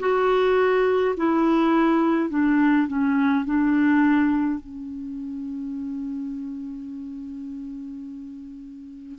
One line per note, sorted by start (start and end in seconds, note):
0.00 1.15 F#4
1.17 2.30 E4
2.30 2.87 D4
2.87 3.45 C#4
3.46 4.60 D4
4.60 9.19 C#4